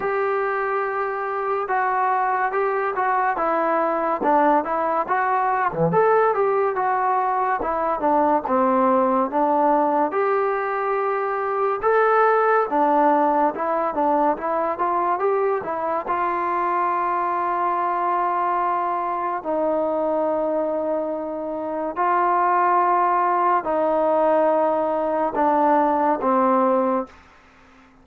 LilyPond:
\new Staff \with { instrumentName = "trombone" } { \time 4/4 \tempo 4 = 71 g'2 fis'4 g'8 fis'8 | e'4 d'8 e'8 fis'8. e16 a'8 g'8 | fis'4 e'8 d'8 c'4 d'4 | g'2 a'4 d'4 |
e'8 d'8 e'8 f'8 g'8 e'8 f'4~ | f'2. dis'4~ | dis'2 f'2 | dis'2 d'4 c'4 | }